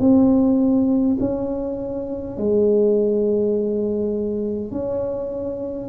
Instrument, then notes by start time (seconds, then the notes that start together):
tuba
0.00 C4
1.20 C#4
2.37 G#3
4.72 C#4